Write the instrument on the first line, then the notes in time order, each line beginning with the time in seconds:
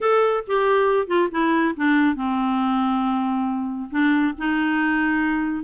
clarinet
0.00 A4
0.47 G4
1.07 F4
1.31 E4
1.76 D4
2.15 C4
3.90 D4
4.38 D#4